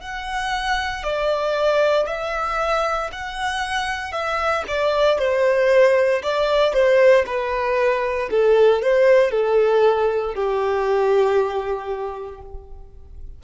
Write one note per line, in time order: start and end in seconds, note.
0.00 1.03 F#5
1.03 2.06 D5
2.06 3.10 E5
3.12 4.12 F#5
4.12 4.64 E5
4.67 5.18 D5
5.18 6.22 C5
6.23 6.73 D5
6.73 7.25 C5
7.26 8.29 B4
8.30 8.82 A4
8.82 9.31 C5
9.31 10.34 A4
10.34 12.41 G4